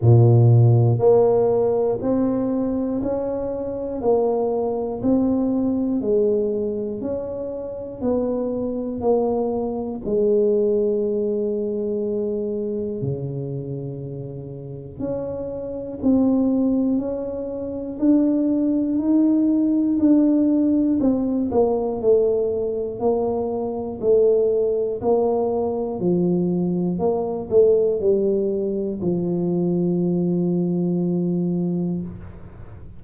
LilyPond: \new Staff \with { instrumentName = "tuba" } { \time 4/4 \tempo 4 = 60 ais,4 ais4 c'4 cis'4 | ais4 c'4 gis4 cis'4 | b4 ais4 gis2~ | gis4 cis2 cis'4 |
c'4 cis'4 d'4 dis'4 | d'4 c'8 ais8 a4 ais4 | a4 ais4 f4 ais8 a8 | g4 f2. | }